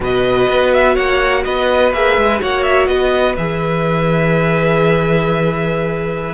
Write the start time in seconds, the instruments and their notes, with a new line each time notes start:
0.00 cello B2, viola F#4, violin B4 D#5
0.49 cello B3
0.73 violin E5
0.94 cello A#3, violin C#5 F#5
1.44 cello B3, violin B4 D#5
1.93 cello A#3, viola G#4, violin E5
2.16 cello G#3
2.39 cello A#3, viola F#4, violin C#5 F#5
2.62 violin E5
2.87 cello B3, violin B4 D#5
3.36 cello E3, viola G#4, violin E5